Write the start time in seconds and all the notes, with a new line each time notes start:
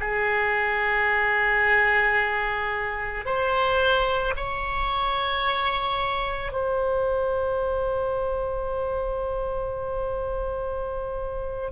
0.00 G#4
3.25 C5
4.36 C#5
6.52 C5